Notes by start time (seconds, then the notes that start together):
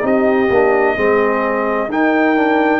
0.00 C4 D#4 G4
0.06 D#5
0.50 A#3 D4
0.95 G#3 C4 G#4
1.88 D#4 A#4 G5
2.36 D4